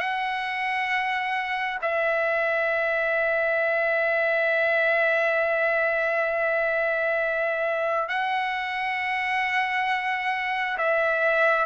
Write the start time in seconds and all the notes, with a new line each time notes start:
0.00 F#5
1.82 E5
8.09 F#5
10.78 E5